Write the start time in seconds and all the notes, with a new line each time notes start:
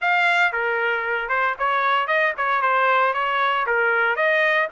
0.01 F5
0.52 A#4
1.29 C5
1.58 C#5
2.07 D#5
2.37 C#5
2.61 C5
3.13 C#5
3.66 A#4
4.15 D#5